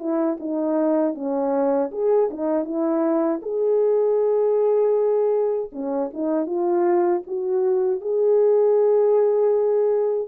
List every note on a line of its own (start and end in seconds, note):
0.00 0.38 E4
0.40 1.15 D#4
1.15 1.91 C#4
1.92 2.30 G#4
2.31 2.65 D#4
2.65 3.41 E4
3.43 5.71 G#4
5.73 6.11 C#4
6.14 6.47 D#4
6.47 7.23 F4
7.27 8.01 F#4
8.01 10.29 G#4